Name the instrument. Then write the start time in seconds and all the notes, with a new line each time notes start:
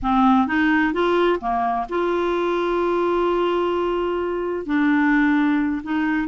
clarinet
0.02 C4
0.47 D#4
0.93 F4
1.40 A#3
1.89 F4
4.65 D4
5.83 D#4